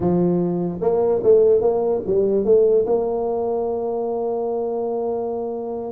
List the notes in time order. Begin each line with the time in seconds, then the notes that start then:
0.00 F3
0.81 A#3
1.23 A3
1.61 A#3
2.06 G3
2.44 A3
2.86 A#3